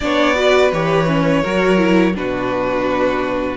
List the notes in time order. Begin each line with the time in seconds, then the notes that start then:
0.00 B3 D4 C#5 D5
0.35 F#4 B4
0.72 E3 G4 C#5
1.07 C#4
1.42 F#3 F#4 A#4
1.77 E4
2.14 B2 D4 F#4 B4